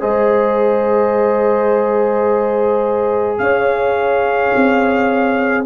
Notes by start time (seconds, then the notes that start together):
0.00 G#3 G#4 C5 D#5
3.38 C#4 C#5 F5
4.55 C4